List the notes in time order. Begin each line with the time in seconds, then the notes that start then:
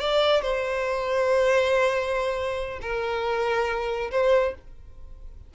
0.00 D5
0.42 C5
2.81 A#4
4.11 C5